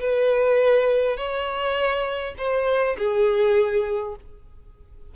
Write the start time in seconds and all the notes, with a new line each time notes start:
0.00 B4
1.17 C#5
2.37 C5
2.97 G#4